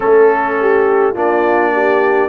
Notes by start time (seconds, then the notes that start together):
0.00 A3 C#4 A4
0.61 G4
1.13 A#3 D4 F4 D5
1.72 G4